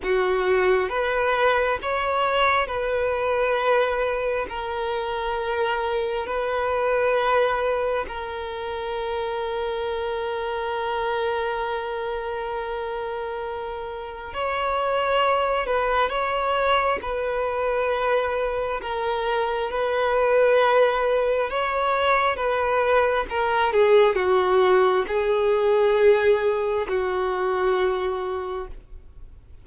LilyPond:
\new Staff \with { instrumentName = "violin" } { \time 4/4 \tempo 4 = 67 fis'4 b'4 cis''4 b'4~ | b'4 ais'2 b'4~ | b'4 ais'2.~ | ais'1 |
cis''4. b'8 cis''4 b'4~ | b'4 ais'4 b'2 | cis''4 b'4 ais'8 gis'8 fis'4 | gis'2 fis'2 | }